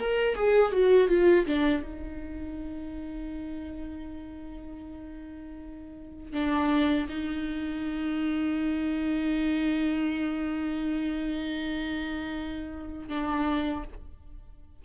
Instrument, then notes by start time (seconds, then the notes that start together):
viola
0.00 A#4
0.35 G#4
0.72 F#4
1.09 F4
1.46 D4
1.83 D#4
6.33 D4
7.09 D#4
13.09 D4